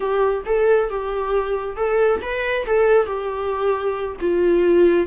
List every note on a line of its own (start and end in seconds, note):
0.00 0.44 G4
0.45 0.89 A4
0.89 1.76 G4
1.76 2.20 A4
2.21 2.65 B4
2.66 3.06 A4
3.06 4.16 G4
4.20 5.06 F4